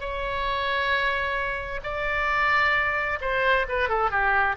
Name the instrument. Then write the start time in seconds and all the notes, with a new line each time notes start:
oboe
0.00 C#5
1.83 D5
3.21 C5
3.68 B4
3.89 A4
4.10 G4